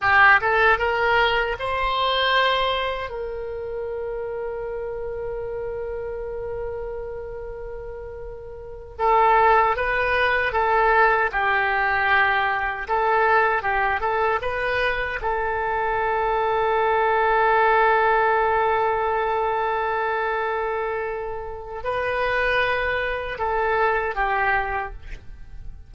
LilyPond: \new Staff \with { instrumentName = "oboe" } { \time 4/4 \tempo 4 = 77 g'8 a'8 ais'4 c''2 | ais'1~ | ais'2.~ ais'8 a'8~ | a'8 b'4 a'4 g'4.~ |
g'8 a'4 g'8 a'8 b'4 a'8~ | a'1~ | a'1 | b'2 a'4 g'4 | }